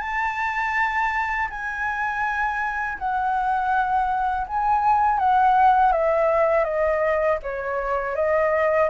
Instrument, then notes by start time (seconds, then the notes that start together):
flute
0.00 A5
1.50 G#5
2.98 F#5
4.47 G#5
5.18 F#5
5.92 E5
6.64 D#5
7.42 C#5
8.15 D#5